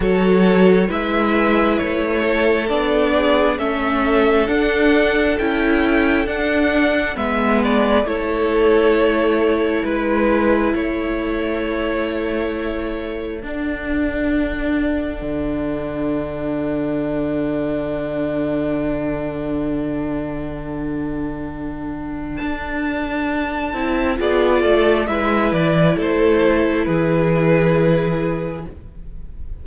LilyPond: <<
  \new Staff \with { instrumentName = "violin" } { \time 4/4 \tempo 4 = 67 cis''4 e''4 cis''4 d''4 | e''4 fis''4 g''4 fis''4 | e''8 d''8 cis''2 b'4 | cis''2. fis''4~ |
fis''1~ | fis''1~ | fis''4 a''2 d''4 | e''8 d''8 c''4 b'2 | }
  \new Staff \with { instrumentName = "violin" } { \time 4/4 a'4 b'4. a'4 gis'8 | a'1 | b'4 a'2 b'4 | a'1~ |
a'1~ | a'1~ | a'2. gis'8 a'8 | b'4 a'4 gis'2 | }
  \new Staff \with { instrumentName = "viola" } { \time 4/4 fis'4 e'2 d'4 | cis'4 d'4 e'4 d'4 | b4 e'2.~ | e'2. d'4~ |
d'1~ | d'1~ | d'2~ d'8 e'8 f'4 | e'1 | }
  \new Staff \with { instrumentName = "cello" } { \time 4/4 fis4 gis4 a4 b4 | a4 d'4 cis'4 d'4 | gis4 a2 gis4 | a2. d'4~ |
d'4 d2.~ | d1~ | d4 d'4. c'8 b8 a8 | gis8 e8 a4 e2 | }
>>